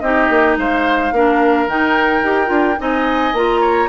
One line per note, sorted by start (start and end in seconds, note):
0.00 0.29 C4
0.00 1.14 D#4
0.00 0.58 G4
0.00 0.56 D#5
0.29 0.57 A#3
0.57 1.11 G#3
0.57 1.14 C5
0.57 1.69 F5
1.11 1.67 A#3
1.11 1.68 D4
1.11 2.80 A#4
1.67 2.22 D#3
1.67 2.24 D#4
1.67 2.80 G5
2.22 2.49 D#4
2.22 2.47 G4
2.47 2.77 D4
2.47 2.75 F4
2.79 3.33 C4
2.79 3.35 D#4
2.79 3.61 D#5
2.79 3.35 G#5
3.33 3.88 A#3
3.33 3.89 F4
3.33 3.89 A#5
3.61 3.89 C#5